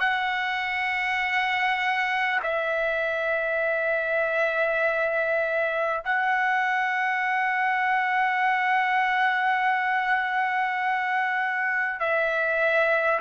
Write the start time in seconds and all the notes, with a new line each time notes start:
0.00 F#5
2.43 E5
6.05 F#5
12.00 E5